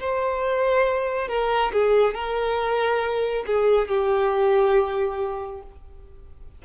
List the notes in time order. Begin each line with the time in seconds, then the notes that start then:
0.00 C5
1.28 A#4
1.73 G#4
2.15 A#4
3.47 G#4
3.89 G4